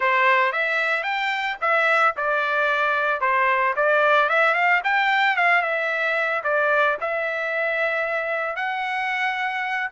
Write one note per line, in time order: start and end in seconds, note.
0.00 0.52 C5
0.52 1.03 E5
1.03 1.56 G5
1.61 2.14 E5
2.16 3.20 D5
3.20 3.74 C5
3.76 4.29 D5
4.29 4.54 E5
4.54 4.81 F5
4.84 5.36 G5
5.36 5.62 F5
5.62 6.42 E5
6.43 6.97 D5
7.00 8.55 E5
8.55 9.89 F#5